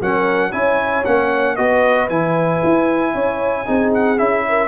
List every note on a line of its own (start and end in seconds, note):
0.00 0.53 F#3
0.00 0.52 C#4
0.00 0.50 A#4
0.00 0.52 F#5
0.50 1.05 C#4
0.50 1.04 E4
0.50 1.55 C#5
0.50 1.04 G#5
1.05 1.58 A#3
1.05 1.57 C#4
1.05 1.56 F#5
1.56 2.09 B3
1.56 2.09 F#4
1.56 3.13 B4
1.56 2.08 D#5
2.09 2.61 E3
2.09 3.66 E4
2.09 3.92 G#5
2.63 3.14 E4
3.13 3.66 C#4
3.13 3.65 C#5
3.65 4.19 C4
3.65 4.17 D#4
3.65 4.43 G#4
3.94 4.18 F#5
4.17 4.68 C#4
4.17 4.68 E4
4.17 4.68 E5
4.48 4.68 A#4